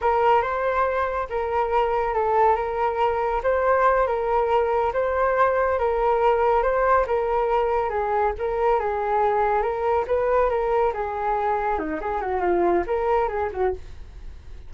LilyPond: \new Staff \with { instrumentName = "flute" } { \time 4/4 \tempo 4 = 140 ais'4 c''2 ais'4~ | ais'4 a'4 ais'2 | c''4. ais'2 c''8~ | c''4. ais'2 c''8~ |
c''8 ais'2 gis'4 ais'8~ | ais'8 gis'2 ais'4 b'8~ | b'8 ais'4 gis'2 dis'8 | gis'8 fis'8 f'4 ais'4 gis'8 fis'8 | }